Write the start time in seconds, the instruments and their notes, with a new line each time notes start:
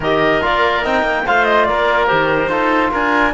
0.00 cello D#3, trombone G4, oboe A#4, clarinet D#5
0.41 cello A#3, trombone F4, clarinet D5
0.83 cello C4, trombone D#4, clarinet G5
1.02 cello A#3
1.26 cello A3, trombone F4, oboe C5, clarinet F5
1.44 clarinet D#5
1.64 cello A#3, oboe A#4, clarinet D5
2.07 cello D#3, trombone G4, clarinet C5
2.47 cello D#4, trombone F4, oboe A4
2.91 cello D4, oboe A#4, clarinet G#5